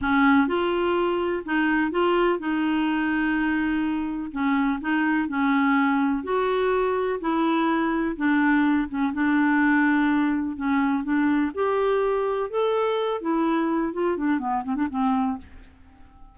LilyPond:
\new Staff \with { instrumentName = "clarinet" } { \time 4/4 \tempo 4 = 125 cis'4 f'2 dis'4 | f'4 dis'2.~ | dis'4 cis'4 dis'4 cis'4~ | cis'4 fis'2 e'4~ |
e'4 d'4. cis'8 d'4~ | d'2 cis'4 d'4 | g'2 a'4. e'8~ | e'4 f'8 d'8 b8 c'16 d'16 c'4 | }